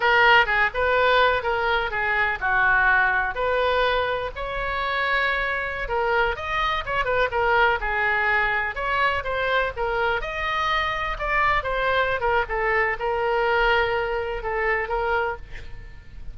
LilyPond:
\new Staff \with { instrumentName = "oboe" } { \time 4/4 \tempo 4 = 125 ais'4 gis'8 b'4. ais'4 | gis'4 fis'2 b'4~ | b'4 cis''2.~ | cis''16 ais'4 dis''4 cis''8 b'8 ais'8.~ |
ais'16 gis'2 cis''4 c''8.~ | c''16 ais'4 dis''2 d''8.~ | d''16 c''4~ c''16 ais'8 a'4 ais'4~ | ais'2 a'4 ais'4 | }